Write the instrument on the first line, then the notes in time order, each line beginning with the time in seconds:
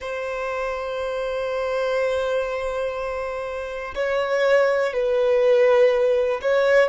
violin
0.00 C5
3.94 C#5
4.93 B4
6.42 C#5